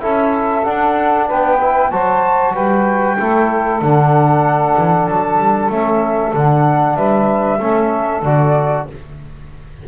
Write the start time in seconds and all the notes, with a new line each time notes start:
0.00 C#4 E4 A4 E5
0.64 D4 F#5
1.27 B3 B4 G5
1.61 E4
1.91 F#3 F#4 C5 A5
2.54 G3 B4 G5
3.19 A3 E4 A4
3.82 D3 D4 F#5
4.78 E3
5.06 F#3 A5
5.39 G3
5.69 A3 C#4 E5
6.33 D3 D4 F#5
6.96 G3 B4 E5
7.59 A3 C#4 A4
8.22 D3 F#4 D5